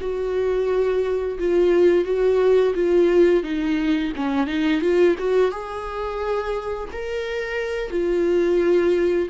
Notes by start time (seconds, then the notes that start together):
0.00 F#4
1.39 F4
2.04 F#4
2.75 F4
3.43 D#4
4.16 C#4
4.46 D#4
4.81 F4
5.18 F#4
5.51 G#4
6.92 A#4
7.90 F4